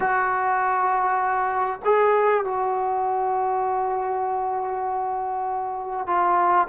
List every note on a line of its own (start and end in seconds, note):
0.00 1.80 F#4
1.84 2.44 G#4
2.44 6.06 F#4
6.06 6.67 F4